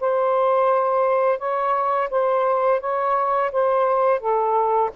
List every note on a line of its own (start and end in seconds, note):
0.00 1.38 C5
1.38 2.09 C#5
2.10 2.80 C5
2.80 3.51 C#5
3.52 4.19 C5
4.19 4.90 A4